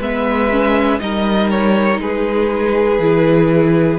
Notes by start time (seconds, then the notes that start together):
0.00 G#3 B3 B4 E5
0.51 C#4
1.00 G3 D#4 A#4 D#5
1.50 C#5
1.99 G#3 G#4 B4
2.99 E3 E4